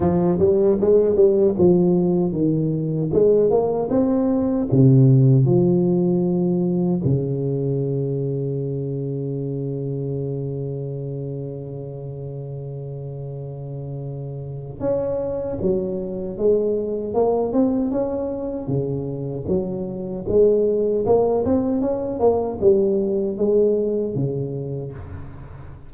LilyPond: \new Staff \with { instrumentName = "tuba" } { \time 4/4 \tempo 4 = 77 f8 g8 gis8 g8 f4 dis4 | gis8 ais8 c'4 c4 f4~ | f4 cis2.~ | cis1~ |
cis2. cis'4 | fis4 gis4 ais8 c'8 cis'4 | cis4 fis4 gis4 ais8 c'8 | cis'8 ais8 g4 gis4 cis4 | }